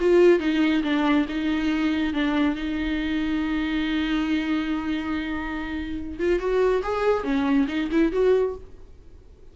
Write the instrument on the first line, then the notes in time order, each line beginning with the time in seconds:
viola
0.00 F4
0.39 D#4
0.83 D4
1.28 D#4
2.13 D4
2.55 D#4
6.19 F4
6.39 F#4
6.83 G#4
7.24 C#4
7.68 D#4
7.91 E4
8.12 F#4